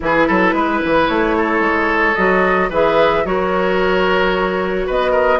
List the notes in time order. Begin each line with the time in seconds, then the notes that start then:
0.00 E3 E4 G#4 B4
0.27 F#3 A4
0.53 G#3 B4
0.84 E3
1.07 A3 C#5
1.37 A4
1.59 G#3
2.15 F#3 F#4 D#5
2.69 E3 G#4 B4 E5
3.24 F#3 F#4 A#4 C#5
4.86 B3 B4 D#5
5.11 A#4